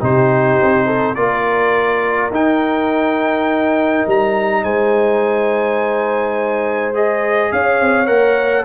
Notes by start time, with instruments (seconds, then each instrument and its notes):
0.00 tuba C3, trombone D#4, horn G4, trumpet C5
0.61 tuba C4
0.86 horn A4
1.15 tuba A#3, trombone F4, horn A#4, trumpet D5
2.30 tuba D#4, trombone D#4, trumpet G5
4.06 tuba G3, trumpet A#5
4.63 tuba G#3, horn C5, trumpet G#5
6.94 trombone G#4, trumpet D#5
7.52 tuba C#4, horn C#5, trumpet F5
7.80 tuba C4
8.06 tuba A#3, trombone A#4, trumpet F#5